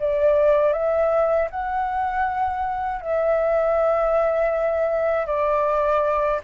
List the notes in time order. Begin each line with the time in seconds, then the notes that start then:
0.00 D5
0.73 E5
1.51 F#5
3.01 E5
5.27 D5